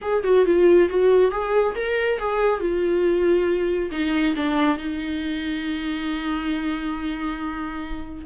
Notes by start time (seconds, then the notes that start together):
0.01 G#4
0.23 F#4
0.45 F4
0.89 F#4
1.31 G#4
1.75 A#4
2.18 G#4
2.59 F4
3.91 D#4
4.36 D4
4.77 D#4